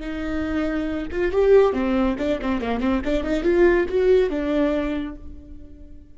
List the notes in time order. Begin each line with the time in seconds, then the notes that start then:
0.00 D#4
1.11 F4
1.32 G4
1.73 C4
2.18 D4
2.41 C4
2.61 A#3
2.80 C4
3.04 D4
3.24 D#4
3.43 F4
3.89 F#4
4.30 D4